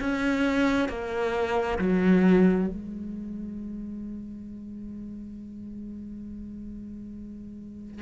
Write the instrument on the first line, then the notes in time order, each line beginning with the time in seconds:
cello
0.00 C#4
0.89 A#3
1.79 F#3
2.68 G#3